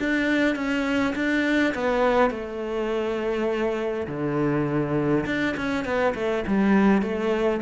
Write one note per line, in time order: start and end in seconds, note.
0.00 0.56 D4
0.56 1.15 C#4
1.16 1.75 D4
1.75 2.31 B3
2.31 4.07 A3
4.08 5.25 D3
5.26 5.56 D4
5.57 5.85 C#4
5.85 6.14 B3
6.15 6.44 A3
6.48 7.02 G3
7.02 7.61 A3